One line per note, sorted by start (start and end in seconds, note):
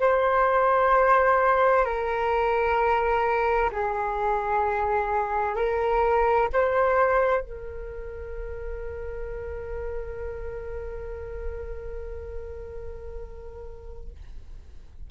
0.00 1.85 C5
1.85 3.70 A#4
3.72 5.56 G#4
5.56 6.48 A#4
6.53 7.41 C5
7.41 14.10 A#4